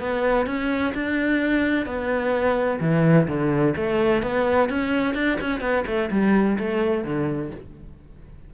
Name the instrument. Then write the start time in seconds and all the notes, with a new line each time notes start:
cello
0.00 B3
0.47 C#4
0.95 D4
1.86 B3
2.81 E3
3.28 D3
3.77 A3
4.23 B3
4.70 C#4
5.15 D4
5.41 C#4
5.61 B3
5.87 A3
6.11 G3
6.59 A3
7.05 D3